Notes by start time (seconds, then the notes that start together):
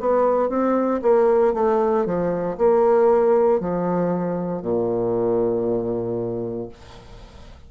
0.00 B3
0.49 C4
1.02 A#3
1.54 A3
2.06 F3
2.58 A#3
3.60 F3
4.62 A#2